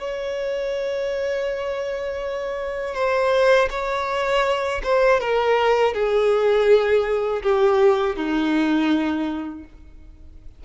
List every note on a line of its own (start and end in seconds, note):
0.00 2.95 C#5
2.95 3.69 C5
3.71 4.82 C#5
4.84 5.21 C5
5.21 5.94 A#4
5.94 7.42 G#4
7.43 8.16 G4
8.16 9.65 D#4